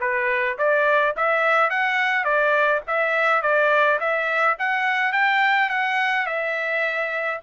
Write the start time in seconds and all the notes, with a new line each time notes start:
0.00 B4
0.58 D5
1.16 E5
1.70 F#5
2.24 D5
2.87 E5
3.42 D5
3.99 E5
4.59 F#5
5.12 G5
5.69 F#5
6.26 E5